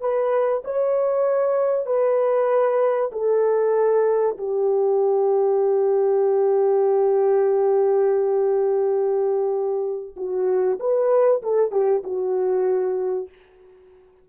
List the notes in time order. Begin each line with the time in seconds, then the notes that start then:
0.00 B4
0.64 C#5
1.86 B4
3.12 A4
4.37 G4
10.16 F#4
10.79 B4
11.42 A4
11.71 G4
12.03 F#4